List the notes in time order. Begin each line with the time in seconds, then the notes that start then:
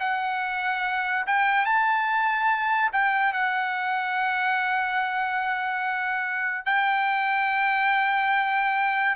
0.00 F#5
1.27 G5
1.66 A5
2.93 G5
3.33 F#5
6.66 G5